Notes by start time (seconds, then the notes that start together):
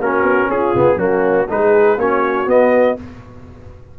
0.00 A#3 C#4 F#4 A#4
0.23 B3
0.49 C#4 F4 G#4
0.75 C#3 B3
0.96 F#3 A#3 C#4 F#4
1.49 G#3 D#4 G#4 B4
1.97 A#3 C#4 F#4 C#5
2.47 B3 D#5